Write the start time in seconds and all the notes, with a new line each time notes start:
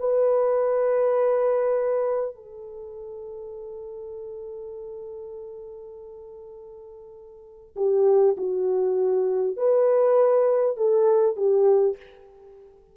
0.00 B4
2.36 A4
7.77 G4
8.37 F#4
9.57 B4
10.77 A4
11.37 G4